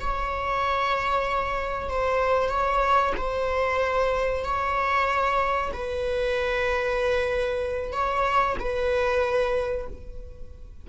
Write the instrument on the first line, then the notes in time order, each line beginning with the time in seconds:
viola
0.00 C#5
1.89 C5
2.49 C#5
3.17 C5
4.44 C#5
5.72 B4
7.92 C#5
8.59 B4